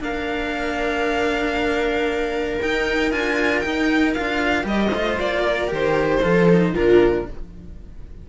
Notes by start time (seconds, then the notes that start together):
0.00 A#3 D4 A#4 F5
2.61 D#4 G5
3.11 D4 F4 G#5
3.59 D#4 G5
4.14 D4 F4 F5
4.62 G3 G4 D#5
4.90 A3 F4 C5
5.19 A#3 D5
5.42 A#4
5.67 D#3 G4
5.74 C5
6.22 F3 F4 A4
6.49 D#4
6.73 A#2 D4 F4 A#4